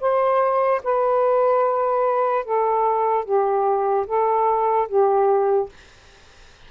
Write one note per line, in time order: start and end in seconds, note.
0.00 0.81 C5
0.83 2.44 B4
2.44 3.24 A4
3.24 4.05 G4
4.07 4.88 A4
4.88 5.69 G4